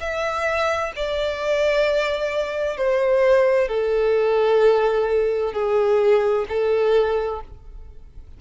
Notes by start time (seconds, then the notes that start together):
0.00 E5
0.96 D5
2.77 C5
3.68 A4
5.53 G#4
6.49 A4